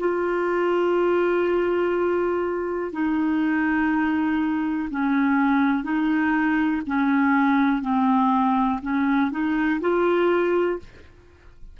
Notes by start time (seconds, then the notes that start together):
0.00 F4
2.92 D#4
4.90 C#4
5.83 D#4
6.87 C#4
7.82 C4
8.82 C#4
9.32 D#4
9.81 F4